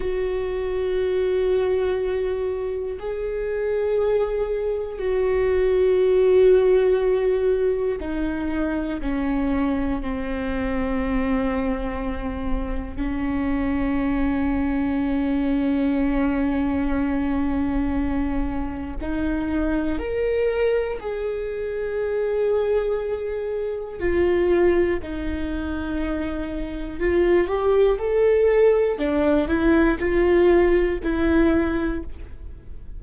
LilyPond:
\new Staff \with { instrumentName = "viola" } { \time 4/4 \tempo 4 = 60 fis'2. gis'4~ | gis'4 fis'2. | dis'4 cis'4 c'2~ | c'4 cis'2.~ |
cis'2. dis'4 | ais'4 gis'2. | f'4 dis'2 f'8 g'8 | a'4 d'8 e'8 f'4 e'4 | }